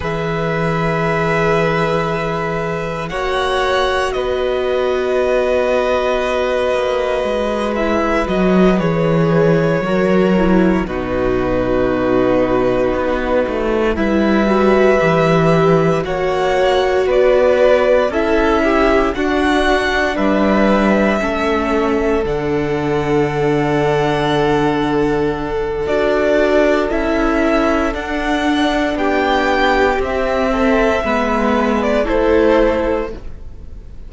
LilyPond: <<
  \new Staff \with { instrumentName = "violin" } { \time 4/4 \tempo 4 = 58 e''2. fis''4 | dis''2.~ dis''8 e''8 | dis''8 cis''2 b'4.~ | b'4. e''2 fis''8~ |
fis''8 d''4 e''4 fis''4 e''8~ | e''4. fis''2~ fis''8~ | fis''4 d''4 e''4 fis''4 | g''4 e''4.~ e''16 d''16 c''4 | }
  \new Staff \with { instrumentName = "violin" } { \time 4/4 b'2. cis''4 | b'1~ | b'4. ais'4 fis'4.~ | fis'4. b'2 cis''8~ |
cis''8 b'4 a'8 g'8 fis'4 b'8~ | b'8 a'2.~ a'8~ | a'1 | g'4. a'8 b'4 a'4 | }
  \new Staff \with { instrumentName = "viola" } { \time 4/4 gis'2. fis'4~ | fis'2.~ fis'8 e'8 | fis'8 gis'4 fis'8 e'8 dis'4.~ | dis'4. e'8 fis'8 g'4 fis'8~ |
fis'4. e'4 d'4.~ | d'8 cis'4 d'2~ d'8~ | d'4 fis'4 e'4 d'4~ | d'4 c'4 b4 e'4 | }
  \new Staff \with { instrumentName = "cello" } { \time 4/4 e2. ais4 | b2~ b8 ais8 gis4 | fis8 e4 fis4 b,4.~ | b,8 b8 a8 g4 e4 ais8~ |
ais8 b4 cis'4 d'4 g8~ | g8 a4 d2~ d8~ | d4 d'4 cis'4 d'4 | b4 c'4 gis4 a4 | }
>>